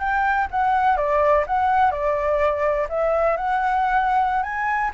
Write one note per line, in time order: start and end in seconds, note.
0.00 0.48 G5
0.51 0.97 F#5
0.97 1.45 D5
1.47 1.92 F#5
1.92 2.88 D5
2.89 3.37 E5
3.37 4.43 F#5
4.43 4.91 G#5